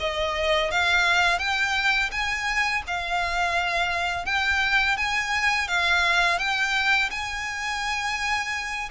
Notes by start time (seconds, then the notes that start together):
0.00 D#5
0.71 F5
1.39 G5
2.11 G#5
2.87 F5
4.26 G5
4.97 G#5
5.68 F5
6.39 G5
7.11 G#5